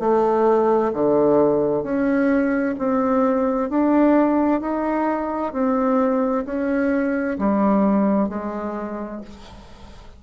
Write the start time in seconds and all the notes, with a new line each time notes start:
0.00 A3
0.94 D3
1.83 C#4
2.79 C4
3.70 D4
4.61 D#4
5.53 C4
6.46 C#4
7.38 G3
8.29 G#3